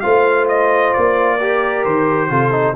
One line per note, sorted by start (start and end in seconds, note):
0.00 0.95 A3
0.00 1.39 F4
0.00 1.38 C5
0.00 0.45 F5
0.48 0.93 D#5
0.93 1.85 A#3
0.93 1.84 D5
1.38 2.30 G4
1.38 2.29 A#4
1.85 2.30 D#3
1.85 2.75 C5
2.30 2.75 C3
2.30 2.52 F4
2.30 2.75 A4
2.52 2.74 D#4